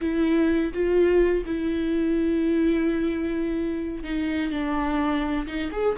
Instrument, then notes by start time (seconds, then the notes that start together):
viola
0.01 E4
0.73 F4
1.45 E4
4.03 D#4
4.51 D4
5.47 D#4
5.72 G#4